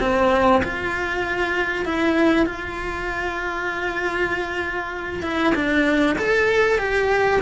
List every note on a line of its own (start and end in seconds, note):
0.00 0.62 C4
0.64 1.85 F4
1.85 2.46 E4
2.46 5.23 F4
5.23 5.54 E4
5.55 6.17 D4
6.18 6.78 A4
6.78 7.40 G4